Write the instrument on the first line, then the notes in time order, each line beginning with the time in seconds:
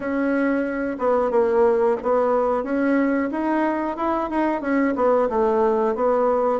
bassoon
0.00 C#4
0.99 B3
1.30 A#3
2.03 B3
2.63 C#4
3.31 D#4
3.97 E4
4.30 D#4
4.61 C#4
4.95 B3
5.29 A3
5.95 B3